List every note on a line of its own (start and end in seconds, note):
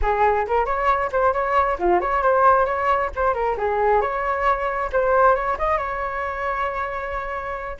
0.01 0.46 G#4
0.47 0.65 A#4
0.65 1.10 C#5
1.12 1.33 C5
1.33 1.77 C#5
1.78 2.00 F4
2.00 2.22 C#5
2.22 2.65 C5
2.65 3.10 C#5
3.15 3.34 C5
3.34 3.56 A#4
3.57 4.01 G#4
4.01 4.90 C#5
4.92 5.35 C5
5.35 5.57 C#5
5.58 5.77 D#5
5.77 7.77 C#5